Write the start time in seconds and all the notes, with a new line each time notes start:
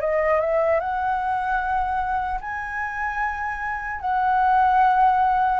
0.00 D#5
0.40 E5
0.80 F#5
2.40 G#5
4.00 F#5